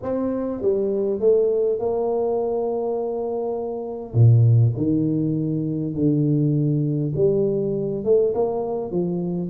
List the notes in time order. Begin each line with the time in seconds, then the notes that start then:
0.02 C4
0.61 G3
1.20 A3
1.79 A#3
4.13 A#2
4.76 D#3
5.94 D3
7.15 G3
8.04 A3
8.34 A#3
8.91 F3